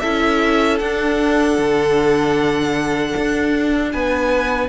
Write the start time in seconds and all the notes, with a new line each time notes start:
0.00 C#4 E4 A4 E5
0.78 D4 F#5
1.58 D3
3.16 D4
3.92 B3 B4 G#5